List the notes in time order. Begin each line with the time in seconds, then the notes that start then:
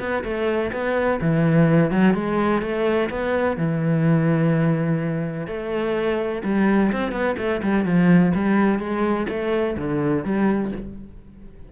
0.00 B3
0.24 A3
0.73 B3
1.22 E3
1.92 F#3
2.15 G#3
2.62 A3
3.10 B3
3.58 E3
5.48 A3
6.44 G3
6.93 C4
7.12 B3
7.38 A3
7.63 G3
7.85 F3
8.35 G3
8.79 G#3
9.30 A3
9.78 D3
10.25 G3